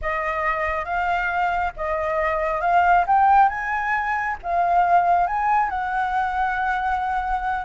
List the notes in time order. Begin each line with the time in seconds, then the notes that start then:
0.01 D#5
0.84 F5
1.76 D#5
2.61 F5
3.07 G5
3.48 G#5
4.42 F5
5.26 G#5
5.69 F#5